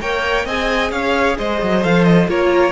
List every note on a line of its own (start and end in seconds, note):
0.00 0.45 A#3
0.00 0.47 A#4
0.00 0.45 C#5
0.00 0.46 G5
0.45 0.91 C4
0.45 1.82 G#4
0.45 0.91 D#5
0.45 0.91 G#5
0.91 1.37 C#4
0.91 1.37 C#5
0.91 1.37 F5
1.37 1.62 G#3
1.37 2.29 C5
1.37 1.83 D#5
1.62 1.84 F#3
1.82 2.27 F3
1.82 2.27 A4
1.82 2.04 F5
2.04 2.27 D#5
2.27 2.72 A#3
2.27 2.72 F4
2.27 2.72 A#4
2.27 2.72 C#5